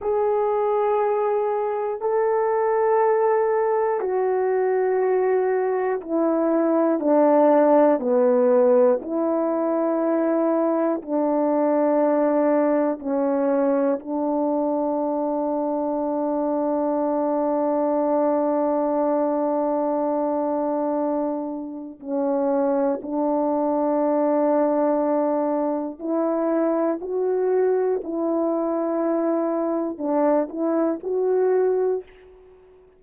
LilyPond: \new Staff \with { instrumentName = "horn" } { \time 4/4 \tempo 4 = 60 gis'2 a'2 | fis'2 e'4 d'4 | b4 e'2 d'4~ | d'4 cis'4 d'2~ |
d'1~ | d'2 cis'4 d'4~ | d'2 e'4 fis'4 | e'2 d'8 e'8 fis'4 | }